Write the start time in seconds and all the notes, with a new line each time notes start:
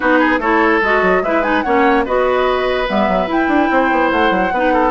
0.00 B3 D#4 F#4 B4
0.19 G#4
0.38 A3 E4 A4 C#5
0.82 G#3 F#4 D#5
1.01 F#3
1.22 G#3 E4 B4 E5
1.42 D#4 G#5
1.62 A#3 C#4 C#5 F#5
2.04 B3 F#4 B4 D#5
2.87 G3 B3 E5
3.08 F#3
3.27 E4 G5
3.48 D4
3.70 C4 C5
3.91 B3
4.10 A3 F#5
4.30 F#3
4.52 B3 D#4 B4
4.73 A4